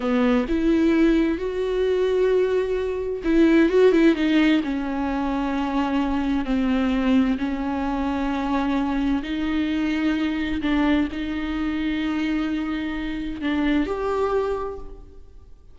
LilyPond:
\new Staff \with { instrumentName = "viola" } { \time 4/4 \tempo 4 = 130 b4 e'2 fis'4~ | fis'2. e'4 | fis'8 e'8 dis'4 cis'2~ | cis'2 c'2 |
cis'1 | dis'2. d'4 | dis'1~ | dis'4 d'4 g'2 | }